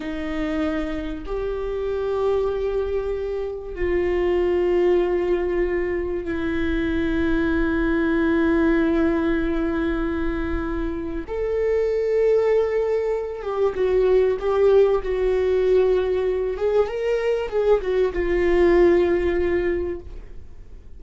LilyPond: \new Staff \with { instrumentName = "viola" } { \time 4/4 \tempo 4 = 96 dis'2 g'2~ | g'2 f'2~ | f'2 e'2~ | e'1~ |
e'2 a'2~ | a'4. g'8 fis'4 g'4 | fis'2~ fis'8 gis'8 ais'4 | gis'8 fis'8 f'2. | }